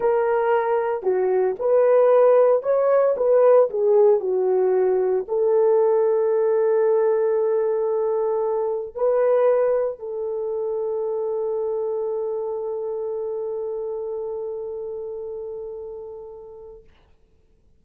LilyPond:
\new Staff \with { instrumentName = "horn" } { \time 4/4 \tempo 4 = 114 ais'2 fis'4 b'4~ | b'4 cis''4 b'4 gis'4 | fis'2 a'2~ | a'1~ |
a'4 b'2 a'4~ | a'1~ | a'1~ | a'1 | }